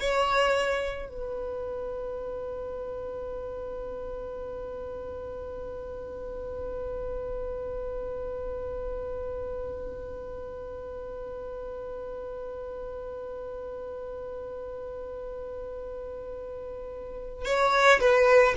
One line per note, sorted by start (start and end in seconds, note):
0.00 1.09 C#5
1.09 17.45 B4
17.45 18.00 C#5
18.00 18.55 B4